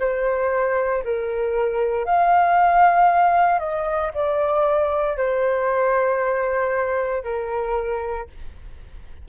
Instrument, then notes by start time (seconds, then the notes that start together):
flute
0.00 C5
1.04 A#4
2.05 F5
3.60 D#5
4.14 D5
5.17 C5
7.24 A#4